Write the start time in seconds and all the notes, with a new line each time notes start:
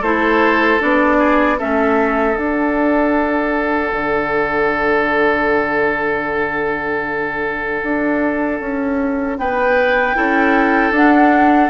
0.00 A3 E4 A4 C5
0.79 B3 D4 D5
1.18 G#4
1.58 A3 C#4 A4 E5
2.35 D4 F#5
3.92 D3
7.83 D4
8.60 C#4
9.37 B3 B4 G5
10.14 C#4 E4 A4
10.91 D4 F#5